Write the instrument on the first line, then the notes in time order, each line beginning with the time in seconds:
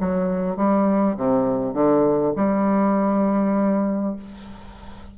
bassoon
0.00 F#3
0.56 G3
1.17 C3
1.74 D3
2.36 G3